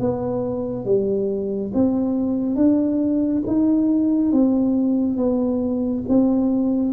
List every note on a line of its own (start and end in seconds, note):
0.00 0.85 B3
0.85 1.72 G3
1.74 2.56 C4
2.56 3.43 D4
3.47 4.32 D#4
4.32 5.17 C4
5.17 6.04 B3
6.09 6.93 C4